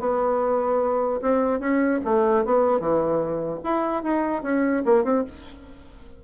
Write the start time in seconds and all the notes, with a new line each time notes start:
0.00 B3
1.22 C4
1.60 C#4
2.05 A3
2.45 B3
2.80 E3
3.64 E4
4.03 D#4
4.43 C#4
4.85 A#3
5.04 C4